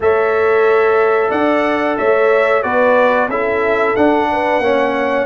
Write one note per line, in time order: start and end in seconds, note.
0.00 1.29 A3
0.00 2.62 A4
0.00 1.30 C#5
0.00 1.30 E5
1.30 1.97 D4
1.30 1.95 D5
1.30 1.96 F#5
1.97 2.63 A3
1.97 2.63 C#5
1.97 2.62 E5
2.62 3.27 B3
2.62 3.28 F#4
2.62 3.29 B4
2.62 3.28 D5
3.27 3.93 C#4
3.27 3.96 E4
3.27 4.29 A4
3.27 3.95 E5
3.95 4.62 D4
3.95 4.59 D4
3.95 5.26 F#5
4.31 4.64 B4
4.59 5.25 A#3
4.59 5.26 C#4
4.59 5.26 C#5